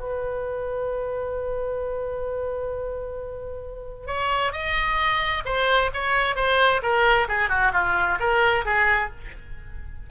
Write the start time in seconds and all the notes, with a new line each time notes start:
0.00 B4
4.07 C#5
4.53 D#5
5.45 C5
5.94 C#5
6.36 C5
6.83 A#4
7.29 G#4
7.50 F#4
7.73 F4
8.20 A#4
8.65 G#4